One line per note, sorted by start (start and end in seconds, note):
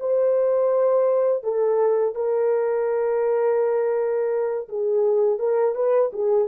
0.00 1.44 C5
1.44 2.15 A4
2.15 4.68 A#4
4.69 5.39 G#4
5.39 5.75 A#4
5.75 6.12 B4
6.13 6.48 G#4